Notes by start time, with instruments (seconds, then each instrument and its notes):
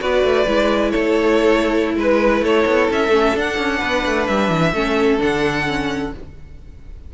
0.00 cello B3, viola F#4, violin B4 D5
0.24 cello A3
0.47 cello G#3, viola E4
0.91 cello A3, violin A4 C#5
1.97 cello G#3, violin B4
2.42 cello A3, violin A4 C#5
2.67 cello B3
2.91 cello C#4, violin E5
3.09 cello A3, viola C#4
3.35 cello D4, viola D4, violin F#5
3.58 cello C#4
3.79 cello B3, violin B4
4.06 cello A3
4.27 cello G3, violin E5
4.50 cello E3
4.73 cello A3, viola C#4, violin A4
5.19 cello D3, viola D4, violin F#5
5.68 viola C#4